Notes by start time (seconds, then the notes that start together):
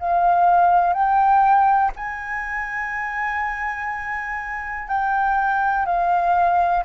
0.00 F5
0.94 G5
1.96 G#5
4.89 G5
5.86 F5